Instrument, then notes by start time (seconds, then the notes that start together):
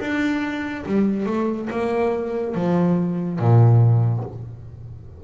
double bass
0.00 D4
0.86 G3
1.26 A3
1.70 A#3
2.55 F3
3.39 A#2